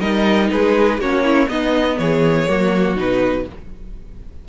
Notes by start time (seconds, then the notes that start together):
0.00 G3 D#4 A#4 D#5
0.51 G#3 G#4 B4
0.98 A#3 C#4 F#4 C#5
1.24 E4
1.48 B3 D#4 D#5
1.98 E3 G#4 C#5
2.47 F#3 A#3 F#4
2.96 B2 D#4 B4